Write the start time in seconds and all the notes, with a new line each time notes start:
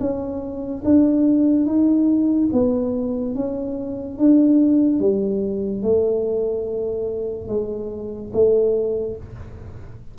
0.00 C#4
0.84 D4
1.66 D#4
2.52 B3
3.35 C#4
4.19 D4
5.00 G3
5.82 A3
7.48 G#3
8.33 A3